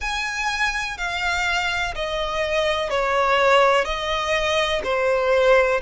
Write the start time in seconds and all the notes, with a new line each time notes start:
0.00 G#5
0.97 F5
1.95 D#5
2.90 C#5
3.84 D#5
4.84 C5